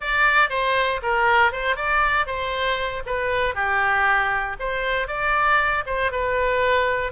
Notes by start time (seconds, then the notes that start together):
0.00 D5
0.49 C5
1.02 A#4
1.52 C5
1.75 D5
2.26 C5
3.06 B4
3.55 G4
4.59 C5
5.07 D5
5.86 C5
6.11 B4